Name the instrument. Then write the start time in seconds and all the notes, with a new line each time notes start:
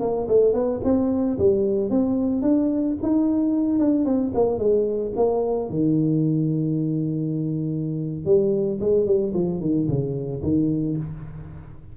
tuba
0.00 A#3
0.28 A3
0.53 B3
0.84 C4
1.39 G3
1.90 C4
2.42 D4
3.02 D#4
3.79 D4
4.05 C4
4.34 A#3
4.58 G#3
5.16 A#3
5.70 D#3
8.25 G3
8.80 G#3
9.06 G3
9.34 F3
9.60 D#3
9.88 C#3
10.43 D#3